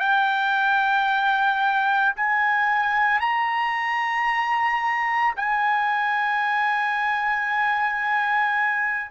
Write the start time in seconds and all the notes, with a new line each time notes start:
0.00 G5
2.17 G#5
3.21 A#5
5.37 G#5